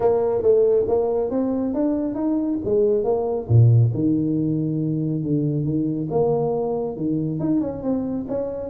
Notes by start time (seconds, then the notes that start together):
0.00 A#3
0.42 A3
0.88 A#3
1.30 C4
1.74 D4
2.15 D#4
2.64 G#3
3.04 A#3
3.48 A#2
3.94 D#3
5.23 D3
5.64 D#3
6.10 A#3
6.96 D#3
7.39 D#4
7.60 C#4
7.82 C4
8.28 C#4